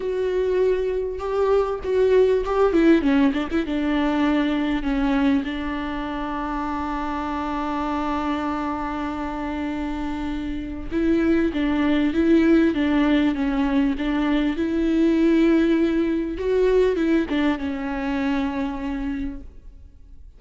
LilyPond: \new Staff \with { instrumentName = "viola" } { \time 4/4 \tempo 4 = 99 fis'2 g'4 fis'4 | g'8 e'8 cis'8 d'16 e'16 d'2 | cis'4 d'2.~ | d'1~ |
d'2 e'4 d'4 | e'4 d'4 cis'4 d'4 | e'2. fis'4 | e'8 d'8 cis'2. | }